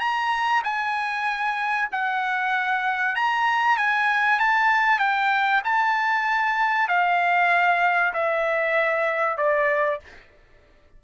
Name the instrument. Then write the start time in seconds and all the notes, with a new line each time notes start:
trumpet
0.00 A#5
0.64 G#5
1.92 F#5
3.16 A#5
3.78 G#5
4.40 A5
4.99 G5
5.64 A5
6.88 F5
8.14 E5
9.38 D5